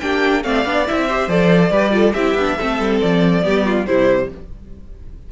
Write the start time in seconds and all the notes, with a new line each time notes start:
0.00 A#3 D4 G4 G5
0.43 A3 C4 D5 F5
0.65 B3 D4
0.88 C4 E4 E5
1.07 G4 C5
1.28 F3 A4 D5
1.70 G3 G4 B4
1.92 F4 A4
2.13 C4 E4 G4 E5
2.34 B3 D4
2.58 A3 C4 A4
2.79 G3
3.01 F3 D5
3.42 G3 B3 G4
3.65 F4
3.86 C3 G3 E4 C5